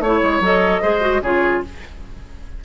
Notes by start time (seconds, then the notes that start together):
0.00 A3 E4 C#5
0.22 G#3
0.40 F#3 A4 D#5
0.81 G#3 G#4 C5
1.01 F#4
1.21 C#3 F4 G#4 C#5